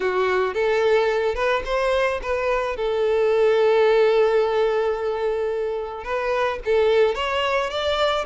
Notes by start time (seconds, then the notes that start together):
0.00 F#4
0.54 A4
1.34 B4
1.65 C5
2.22 B4
2.76 A4
6.04 B4
6.65 A4
7.15 C#5
7.70 D5